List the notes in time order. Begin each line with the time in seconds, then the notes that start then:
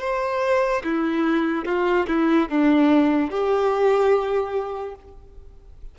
0.00 C5
0.83 E4
1.65 F4
2.07 E4
2.48 D4
3.30 G4